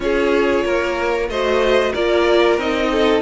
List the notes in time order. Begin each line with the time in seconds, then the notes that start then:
0.00 C#4 F4 G#4 C#5
0.64 A#3 A#4
1.28 A3 F#4 C5 D#5
1.92 A#3 F4 A#4 D5
2.57 C4 D#4 D#5
2.91 A4